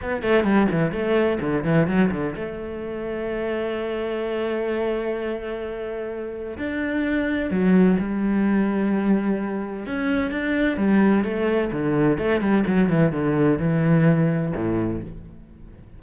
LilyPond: \new Staff \with { instrumentName = "cello" } { \time 4/4 \tempo 4 = 128 b8 a8 g8 e8 a4 d8 e8 | fis8 d8 a2.~ | a1~ | a2 d'2 |
fis4 g2.~ | g4 cis'4 d'4 g4 | a4 d4 a8 g8 fis8 e8 | d4 e2 a,4 | }